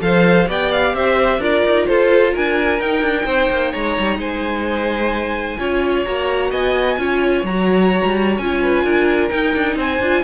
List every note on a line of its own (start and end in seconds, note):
0.00 0.47 F3
0.00 0.47 A4
0.00 0.48 C5
0.00 0.48 F5
0.47 0.93 B3
0.47 1.40 G4
0.47 0.95 D5
0.47 0.71 G5
0.71 0.94 F5
0.93 1.38 C4
0.93 1.39 C5
0.93 1.41 E5
1.38 1.62 D4
1.38 2.80 F4
1.38 1.86 A#4
1.38 1.86 D5
1.65 1.88 D#4
1.86 2.35 F4
1.86 2.32 A4
1.86 2.33 C5
2.32 2.79 D4
2.32 3.25 A#4
2.32 2.81 G#5
2.79 3.02 D#4
2.79 5.59 D#4
2.79 3.73 G5
3.02 3.25 D4
3.25 3.49 C4
3.25 3.71 C5
3.50 3.73 A#3
3.71 3.97 G#3
3.71 4.17 C#5
3.71 4.20 A#5
3.98 4.17 G3
4.17 5.57 G#3
4.17 5.58 C5
4.17 6.04 G#5
5.59 6.06 C#4
5.59 6.05 F4
5.59 6.50 C#5
6.04 6.51 A#3
6.04 6.98 F#4
6.04 6.51 A#5
6.50 6.97 B3
6.50 6.97 D#5
6.50 7.45 G#5
6.97 7.43 C#4
6.97 7.44 F4
6.97 8.61 C#5
7.43 8.01 F#3
7.43 8.41 F#4
7.43 8.38 A#5
8.04 8.38 G3
8.38 8.83 C#4
8.38 9.30 F4
8.38 9.29 G#5
8.61 8.84 B4
8.83 9.30 D4
8.83 9.76 A#4
9.29 9.99 D#4
9.29 9.54 D#4
9.29 9.75 G5
9.54 9.75 D4
9.75 9.99 C4
9.75 10.22 C5
9.75 10.24 G#5
9.99 10.22 D4
9.99 10.24 F4